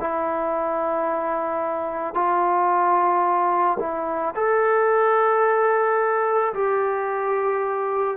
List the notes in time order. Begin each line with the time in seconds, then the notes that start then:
0.00 E4
2.14 F4
3.80 E4
4.35 A4
6.54 G4